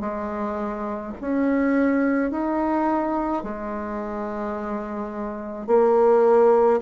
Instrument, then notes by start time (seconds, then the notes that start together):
bassoon
0.00 G#3
1.21 C#4
2.31 D#4
3.43 G#3
5.67 A#3